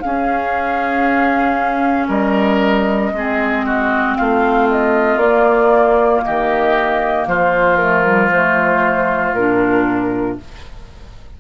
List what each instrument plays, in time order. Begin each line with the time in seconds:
0.00 bassoon C#4, clarinet C#4, oboe G#4, flute F5
2.08 bassoon G3, oboe A#4, flute D#5
3.12 bassoon G#3, clarinet C4, oboe G#4
3.66 oboe F#4
4.16 bassoon A3, oboe F4, flute F5
4.71 flute D#5
5.17 bassoon A#3, flute D5
5.23 clarinet A#3
6.23 bassoon D#3, oboe G4, flute D#5
7.27 bassoon F3, oboe F4, flute C5
7.77 clarinet A3, flute A#4
8.04 clarinet G3
8.32 clarinet A3, flute C5
9.32 bassoon A#2, clarinet D4, flute A#4